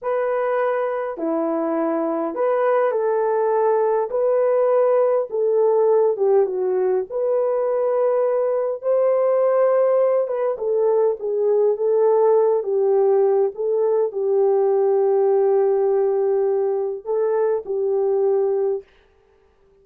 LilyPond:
\new Staff \with { instrumentName = "horn" } { \time 4/4 \tempo 4 = 102 b'2 e'2 | b'4 a'2 b'4~ | b'4 a'4. g'8 fis'4 | b'2. c''4~ |
c''4. b'8 a'4 gis'4 | a'4. g'4. a'4 | g'1~ | g'4 a'4 g'2 | }